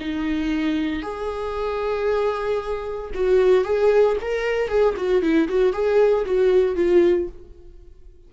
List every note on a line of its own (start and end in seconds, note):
0.00 1.02 D#4
1.02 3.11 G#4
3.14 3.65 F#4
3.65 4.17 G#4
4.21 4.68 A#4
4.68 4.94 G#4
4.97 5.22 F#4
5.22 5.48 E4
5.49 5.73 F#4
5.73 6.25 G#4
6.26 6.76 F#4
6.76 7.28 F4